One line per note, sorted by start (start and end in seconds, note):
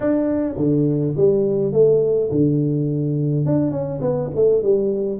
0.00 0.55 D4
0.57 1.15 D3
1.16 1.72 G3
1.72 2.30 A3
2.31 3.45 D3
3.45 3.71 D4
3.71 4.00 C#4
4.01 4.30 B3
4.35 4.62 A3
4.62 5.20 G3